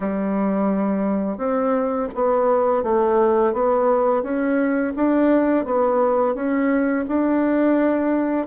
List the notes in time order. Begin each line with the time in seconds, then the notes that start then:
0.00 G3
1.37 C4
2.14 B3
2.83 A3
3.53 B3
4.22 C#4
4.95 D4
5.65 B3
6.34 C#4
7.07 D4